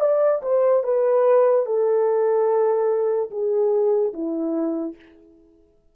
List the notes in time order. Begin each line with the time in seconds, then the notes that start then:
0.00 D5
0.42 C5
0.83 B4
1.65 A4
3.30 G#4
4.13 E4